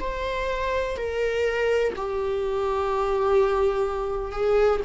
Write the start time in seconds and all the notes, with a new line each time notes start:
0.00 C5
0.96 A#4
1.96 G4
4.32 G#4